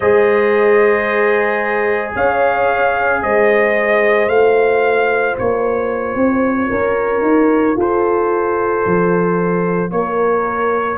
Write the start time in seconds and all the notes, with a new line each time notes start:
0.00 G#3 G#4 C5 D#5
2.15 C#4 C#5 F5
3.22 G#3 C5 D#5
4.27 A3 F4 F5
5.38 A#3 C#5
6.15 C4
6.69 C#4 A#4
7.21 D#4
7.76 F4 A4 C5
8.86 F3
9.91 A#3 A#4 C#5